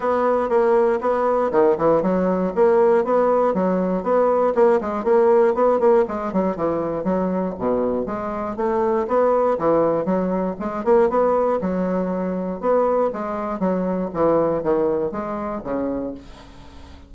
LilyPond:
\new Staff \with { instrumentName = "bassoon" } { \time 4/4 \tempo 4 = 119 b4 ais4 b4 dis8 e8 | fis4 ais4 b4 fis4 | b4 ais8 gis8 ais4 b8 ais8 | gis8 fis8 e4 fis4 b,4 |
gis4 a4 b4 e4 | fis4 gis8 ais8 b4 fis4~ | fis4 b4 gis4 fis4 | e4 dis4 gis4 cis4 | }